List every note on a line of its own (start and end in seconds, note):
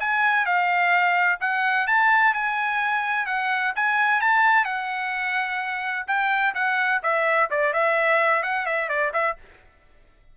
0.00 0.45 G#5
0.45 1.39 F5
1.40 1.87 F#5
1.87 2.34 A5
2.34 3.26 G#5
3.26 3.73 F#5
3.75 4.21 G#5
4.21 4.65 A5
4.65 6.05 F#5
6.07 6.54 G5
6.54 7.01 F#5
7.03 7.50 E5
7.50 7.73 D5
7.73 8.42 E5
8.42 8.66 F#5
8.66 8.88 E5
8.88 9.12 D5
9.13 9.36 E5